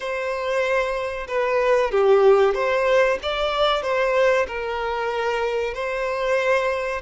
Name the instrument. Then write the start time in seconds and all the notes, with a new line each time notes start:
violin
0.00 C5
1.27 B4
1.91 G4
2.54 C5
3.22 D5
3.82 C5
4.47 A#4
5.74 C5